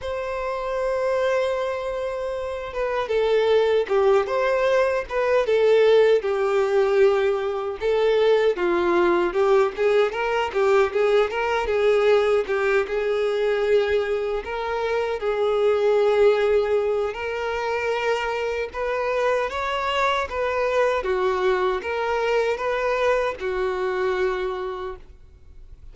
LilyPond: \new Staff \with { instrumentName = "violin" } { \time 4/4 \tempo 4 = 77 c''2.~ c''8 b'8 | a'4 g'8 c''4 b'8 a'4 | g'2 a'4 f'4 | g'8 gis'8 ais'8 g'8 gis'8 ais'8 gis'4 |
g'8 gis'2 ais'4 gis'8~ | gis'2 ais'2 | b'4 cis''4 b'4 fis'4 | ais'4 b'4 fis'2 | }